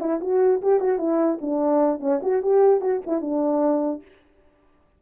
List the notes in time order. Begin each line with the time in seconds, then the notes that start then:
0.00 E4
0.21 F#4
0.62 G4
0.80 F#4
0.98 E4
1.41 D4
2.00 C#4
2.22 F#4
2.42 G4
2.81 F#4
3.06 E4
3.21 D4